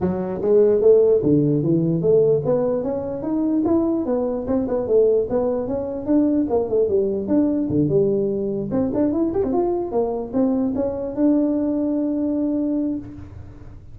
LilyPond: \new Staff \with { instrumentName = "tuba" } { \time 4/4 \tempo 4 = 148 fis4 gis4 a4 d4 | e4 a4 b4 cis'4 | dis'4 e'4 b4 c'8 b8 | a4 b4 cis'4 d'4 |
ais8 a8 g4 d'4 d8 g8~ | g4. c'8 d'8 e'8 g'16 c'16 f'8~ | f'8 ais4 c'4 cis'4 d'8~ | d'1 | }